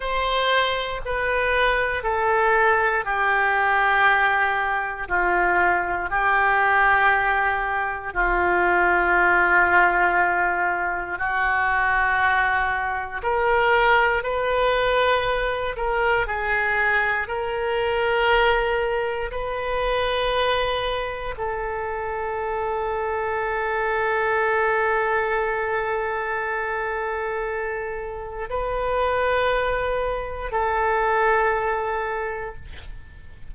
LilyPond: \new Staff \with { instrumentName = "oboe" } { \time 4/4 \tempo 4 = 59 c''4 b'4 a'4 g'4~ | g'4 f'4 g'2 | f'2. fis'4~ | fis'4 ais'4 b'4. ais'8 |
gis'4 ais'2 b'4~ | b'4 a'2.~ | a'1 | b'2 a'2 | }